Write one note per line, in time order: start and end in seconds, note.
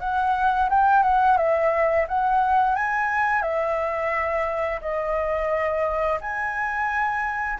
0.00 0.69 F#5
0.70 1.03 G5
1.03 1.37 F#5
1.37 2.06 E5
2.08 2.76 F#5
2.76 3.42 G#5
3.42 4.80 E5
4.81 6.19 D#5
6.21 7.59 G#5